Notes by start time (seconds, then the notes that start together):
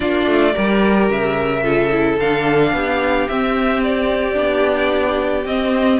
0.00 A#3 D4 F4 D5
0.26 A3
0.53 G3 G4 A#4
1.09 C#3 E5
1.63 F4 A4
1.92 E4
2.19 D3 D4 F5
2.72 B3 G4
3.28 C4 E5
3.83 D5
4.34 B3 D4
5.45 C4 D#5